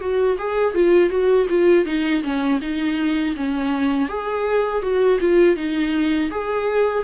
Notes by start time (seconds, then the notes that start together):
0.00 F#4
0.38 G#4
0.74 F4
1.10 F#4
1.49 F4
1.85 D#4
2.23 C#4
2.61 D#4
3.36 C#4
4.08 G#4
4.82 F#4
5.20 F4
5.56 D#4
6.30 G#4